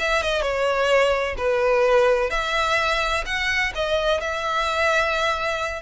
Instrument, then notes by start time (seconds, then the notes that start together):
violin
0.00 E5
0.23 D#5
0.42 C#5
1.38 B4
2.31 E5
3.26 F#5
3.75 D#5
4.21 E5